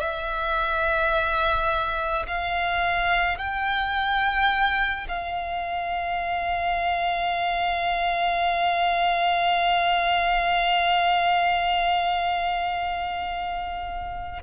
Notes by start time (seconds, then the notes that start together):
0.00 E5
2.27 F5
3.38 G5
5.08 F5